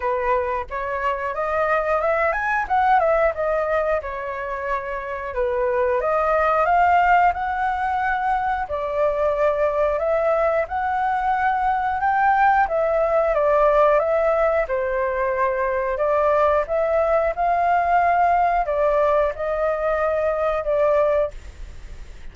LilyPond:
\new Staff \with { instrumentName = "flute" } { \time 4/4 \tempo 4 = 90 b'4 cis''4 dis''4 e''8 gis''8 | fis''8 e''8 dis''4 cis''2 | b'4 dis''4 f''4 fis''4~ | fis''4 d''2 e''4 |
fis''2 g''4 e''4 | d''4 e''4 c''2 | d''4 e''4 f''2 | d''4 dis''2 d''4 | }